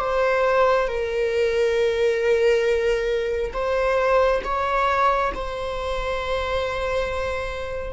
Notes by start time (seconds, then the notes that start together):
0.00 C5
0.88 A#4
3.54 C5
4.44 C#5
5.35 C5